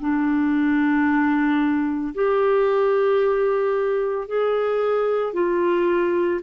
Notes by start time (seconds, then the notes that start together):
0.00 D4
2.15 G4
4.28 G#4
5.34 F4